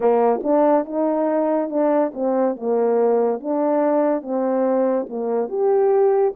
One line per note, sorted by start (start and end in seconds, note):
0.00 0.40 A#3
0.43 0.85 D4
0.85 1.69 D#4
1.69 2.12 D4
2.14 2.55 C4
2.55 3.40 A#3
3.40 4.22 D4
4.22 5.06 C4
5.09 5.49 A#3
5.49 6.33 G4